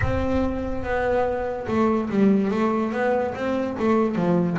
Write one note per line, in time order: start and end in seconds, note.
0.01 0.83 C4
0.83 1.67 B3
1.67 2.09 A3
2.09 2.50 G3
2.50 2.92 A3
2.92 3.33 B3
3.34 3.76 C4
3.79 4.15 A3
4.15 4.57 F3